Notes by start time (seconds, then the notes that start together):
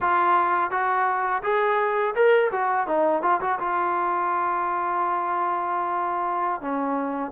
0.00 F4
0.70 F#4
1.43 G#4
2.15 A#4
2.51 F#4
2.87 D#4
3.22 F4
3.41 F#4
3.59 F4
6.61 C#4